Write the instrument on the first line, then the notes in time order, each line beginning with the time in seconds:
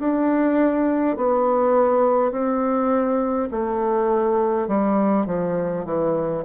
bassoon
0.00 D4
1.17 B3
2.32 C4
3.51 A3
4.68 G3
5.27 F3
5.86 E3